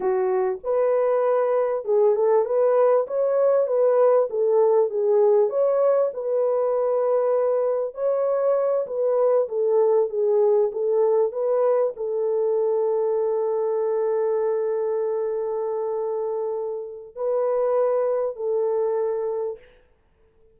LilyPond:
\new Staff \with { instrumentName = "horn" } { \time 4/4 \tempo 4 = 98 fis'4 b'2 gis'8 a'8 | b'4 cis''4 b'4 a'4 | gis'4 cis''4 b'2~ | b'4 cis''4. b'4 a'8~ |
a'8 gis'4 a'4 b'4 a'8~ | a'1~ | a'1 | b'2 a'2 | }